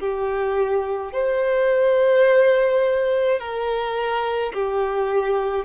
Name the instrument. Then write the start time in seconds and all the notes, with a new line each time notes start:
violin
0.00 G4
1.13 C5
3.40 A#4
4.53 G4